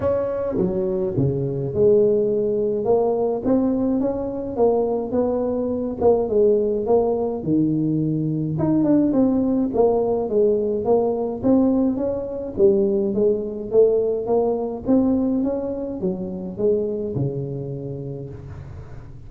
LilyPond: \new Staff \with { instrumentName = "tuba" } { \time 4/4 \tempo 4 = 105 cis'4 fis4 cis4 gis4~ | gis4 ais4 c'4 cis'4 | ais4 b4. ais8 gis4 | ais4 dis2 dis'8 d'8 |
c'4 ais4 gis4 ais4 | c'4 cis'4 g4 gis4 | a4 ais4 c'4 cis'4 | fis4 gis4 cis2 | }